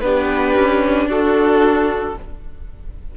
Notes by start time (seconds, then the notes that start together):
0.00 B3 D4 G4 B4
0.55 C#4
1.07 D4 F#4 A4